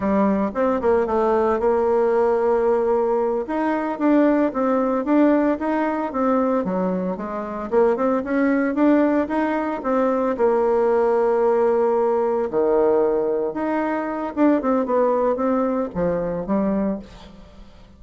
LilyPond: \new Staff \with { instrumentName = "bassoon" } { \time 4/4 \tempo 4 = 113 g4 c'8 ais8 a4 ais4~ | ais2~ ais8 dis'4 d'8~ | d'8 c'4 d'4 dis'4 c'8~ | c'8 fis4 gis4 ais8 c'8 cis'8~ |
cis'8 d'4 dis'4 c'4 ais8~ | ais2.~ ais8 dis8~ | dis4. dis'4. d'8 c'8 | b4 c'4 f4 g4 | }